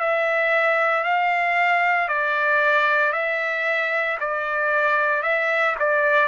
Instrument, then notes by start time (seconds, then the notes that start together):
trumpet
0.00 E5
1.04 F5
2.09 D5
3.13 E5
4.21 D5
5.23 E5
5.80 D5